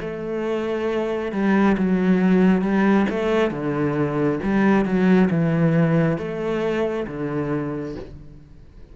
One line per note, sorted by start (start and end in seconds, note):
0.00 1.32 A3
1.32 1.76 G3
1.77 2.61 F#3
2.61 3.06 G3
3.09 3.51 A3
3.51 4.39 D3
4.43 4.85 G3
4.85 5.29 F#3
5.30 6.18 E3
6.18 7.06 A3
7.07 7.95 D3